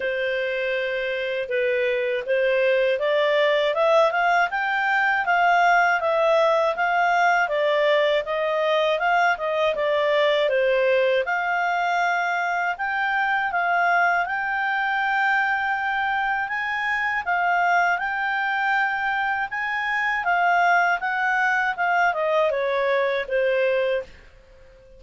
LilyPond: \new Staff \with { instrumentName = "clarinet" } { \time 4/4 \tempo 4 = 80 c''2 b'4 c''4 | d''4 e''8 f''8 g''4 f''4 | e''4 f''4 d''4 dis''4 | f''8 dis''8 d''4 c''4 f''4~ |
f''4 g''4 f''4 g''4~ | g''2 gis''4 f''4 | g''2 gis''4 f''4 | fis''4 f''8 dis''8 cis''4 c''4 | }